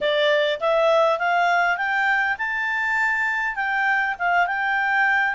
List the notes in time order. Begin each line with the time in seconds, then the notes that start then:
0.00 D5
0.60 E5
1.19 F5
1.77 G5
2.38 A5
3.55 G5
4.19 F5
4.47 G5